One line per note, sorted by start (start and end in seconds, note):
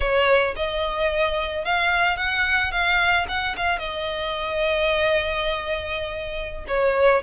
0.00 0.55 C#5
0.56 1.64 D#5
1.64 2.16 F5
2.16 2.71 F#5
2.71 3.26 F5
3.28 3.55 F#5
3.56 3.78 F5
3.78 6.65 D#5
6.67 7.22 C#5